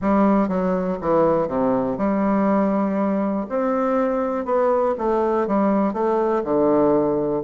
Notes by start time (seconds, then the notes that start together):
0.01 G3
0.48 F#3
1.01 E3
1.47 C3
1.97 G3
3.49 C4
4.45 B3
4.97 A3
5.47 G3
5.93 A3
6.44 D3